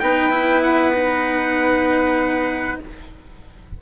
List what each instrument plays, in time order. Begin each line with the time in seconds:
0.00 bassoon B3, cello D#4, trumpet B4 G5
0.31 cello E4
0.63 trumpet F#5
0.94 cello D#4